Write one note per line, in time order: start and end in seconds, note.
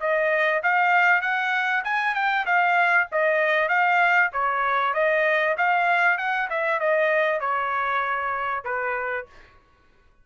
0.00 0.62 D#5
0.63 1.22 F5
1.22 1.84 F#5
1.84 2.15 G#5
2.15 2.45 G5
2.46 3.08 F5
3.12 3.69 D#5
3.69 4.31 F5
4.33 4.94 C#5
4.94 5.56 D#5
5.58 6.18 F5
6.18 6.49 F#5
6.50 6.80 E5
6.80 7.41 D#5
7.41 8.64 C#5
8.65 9.26 B4